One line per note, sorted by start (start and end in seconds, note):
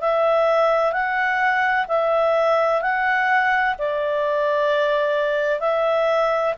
0.00 0.92 E5
0.92 1.86 F#5
1.87 2.81 E5
2.81 3.75 F#5
3.78 5.60 D5
5.60 6.54 E5